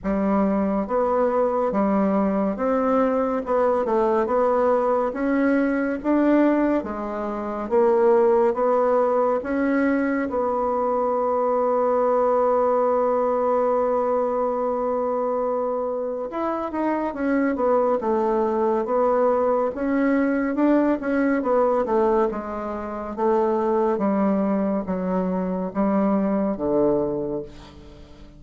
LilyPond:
\new Staff \with { instrumentName = "bassoon" } { \time 4/4 \tempo 4 = 70 g4 b4 g4 c'4 | b8 a8 b4 cis'4 d'4 | gis4 ais4 b4 cis'4 | b1~ |
b2. e'8 dis'8 | cis'8 b8 a4 b4 cis'4 | d'8 cis'8 b8 a8 gis4 a4 | g4 fis4 g4 d4 | }